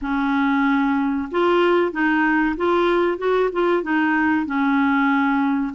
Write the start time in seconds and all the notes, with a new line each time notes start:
0.01 C#4
1.31 F4
1.91 D#4
2.56 F4
3.18 F#4
3.52 F4
3.82 D#4
4.46 C#4